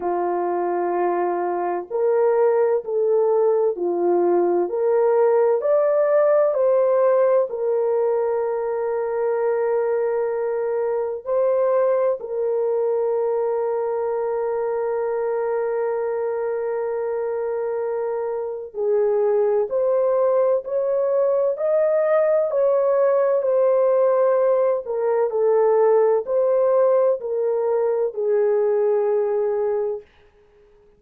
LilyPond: \new Staff \with { instrumentName = "horn" } { \time 4/4 \tempo 4 = 64 f'2 ais'4 a'4 | f'4 ais'4 d''4 c''4 | ais'1 | c''4 ais'2.~ |
ais'1 | gis'4 c''4 cis''4 dis''4 | cis''4 c''4. ais'8 a'4 | c''4 ais'4 gis'2 | }